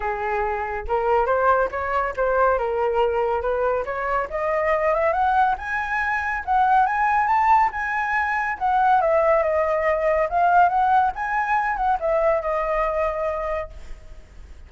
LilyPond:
\new Staff \with { instrumentName = "flute" } { \time 4/4 \tempo 4 = 140 gis'2 ais'4 c''4 | cis''4 c''4 ais'2 | b'4 cis''4 dis''4. e''8 | fis''4 gis''2 fis''4 |
gis''4 a''4 gis''2 | fis''4 e''4 dis''2 | f''4 fis''4 gis''4. fis''8 | e''4 dis''2. | }